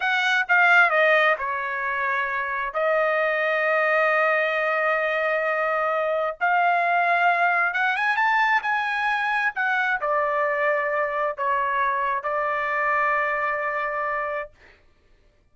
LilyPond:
\new Staff \with { instrumentName = "trumpet" } { \time 4/4 \tempo 4 = 132 fis''4 f''4 dis''4 cis''4~ | cis''2 dis''2~ | dis''1~ | dis''2 f''2~ |
f''4 fis''8 gis''8 a''4 gis''4~ | gis''4 fis''4 d''2~ | d''4 cis''2 d''4~ | d''1 | }